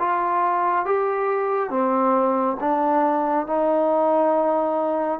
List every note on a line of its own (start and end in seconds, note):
0.00 0.86 F4
0.86 1.70 G4
1.70 2.57 C4
2.61 3.47 D4
3.47 5.20 D#4